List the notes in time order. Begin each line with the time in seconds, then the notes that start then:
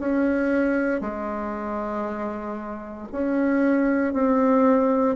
0.00 C#4
1.01 G#3
3.13 C#4
4.14 C4